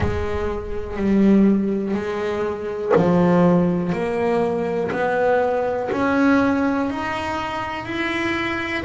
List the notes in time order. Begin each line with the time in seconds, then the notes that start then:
0.00 G#3
0.96 G3
1.94 G#3
2.96 F3
3.92 A#3
4.91 B3
5.92 C#4
6.90 D#4
7.85 E4